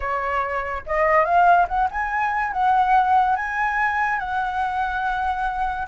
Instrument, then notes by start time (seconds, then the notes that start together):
flute
0.00 C#5
0.86 D#5
1.24 F5
1.68 F#5
1.90 G#5
2.52 F#5
3.36 G#5
4.19 F#5